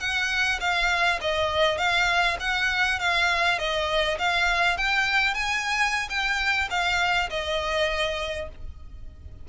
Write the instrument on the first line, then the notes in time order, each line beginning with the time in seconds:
violin
0.00 F#5
0.60 F5
1.21 D#5
1.78 F5
2.40 F#5
2.99 F5
3.58 D#5
4.19 F5
4.77 G5
5.34 G#5
6.09 G5
6.70 F5
7.30 D#5